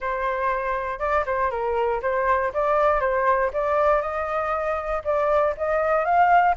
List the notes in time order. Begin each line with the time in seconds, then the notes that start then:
0.00 C5
0.99 D5
1.25 C5
1.50 A#4
2.02 C5
2.53 D5
3.00 C5
3.53 D5
4.01 D#5
5.04 D5
5.57 D#5
6.04 F5